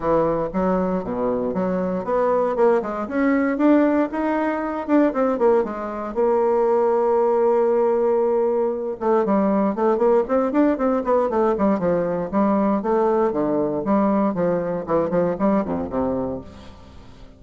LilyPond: \new Staff \with { instrumentName = "bassoon" } { \time 4/4 \tempo 4 = 117 e4 fis4 b,4 fis4 | b4 ais8 gis8 cis'4 d'4 | dis'4. d'8 c'8 ais8 gis4 | ais1~ |
ais4. a8 g4 a8 ais8 | c'8 d'8 c'8 b8 a8 g8 f4 | g4 a4 d4 g4 | f4 e8 f8 g8 f,8 c4 | }